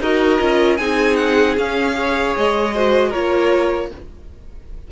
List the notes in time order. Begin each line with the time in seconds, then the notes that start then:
0.00 D#4 F#4 A#4 D#5
0.40 C#4 F4
0.77 C4 D#4 G#4 G#5
1.16 F#5
1.57 C#4 F5
1.94 G#4 C#5
2.36 G#3 D#5
2.74 F#4 C5
3.09 A#3 F4 A#4 C#5